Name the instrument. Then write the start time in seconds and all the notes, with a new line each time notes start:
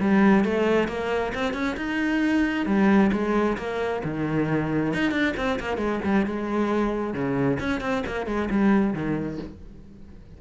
cello
0.00 G3
0.44 A3
0.88 A#3
1.34 C4
1.53 C#4
1.77 D#4
2.66 G3
3.12 G#3
3.57 A#3
4.04 D#3
4.93 D#4
5.11 D4
5.37 C4
5.59 A#3
5.77 G#3
6.04 G3
6.26 G#3
7.14 C#3
7.60 C#4
7.81 C4
8.06 A#3
8.26 G#3
8.50 G3
8.93 D#3